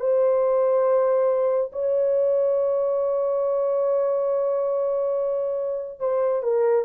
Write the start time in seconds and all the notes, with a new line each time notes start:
0.00 C5
1.73 C#5
6.00 C5
6.43 A#4